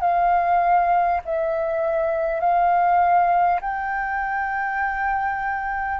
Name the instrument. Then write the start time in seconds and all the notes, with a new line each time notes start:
flute
0.00 F5
1.24 E5
2.40 F5
3.61 G5